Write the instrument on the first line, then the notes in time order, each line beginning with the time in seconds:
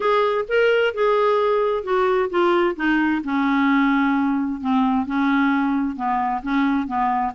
clarinet
0.00 G#4
0.48 A#4
0.94 G#4
1.83 F#4
2.30 F4
2.76 D#4
3.24 C#4
4.61 C4
5.05 C#4
5.95 B3
6.42 C#4
6.87 B3